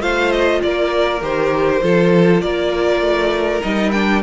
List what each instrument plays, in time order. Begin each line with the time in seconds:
0.00 cello A3, viola F4, violin C5 F5
0.32 violin D#5
0.62 cello A#3, violin A#4 D5
1.21 cello D#3, viola G4, violin C5
1.82 cello F3, viola F4, violin A4
2.41 cello A#3, violin A#4 D5
3.00 cello A3
3.61 cello G3, viola D#4, violin D#5
3.91 viola D4, violin G5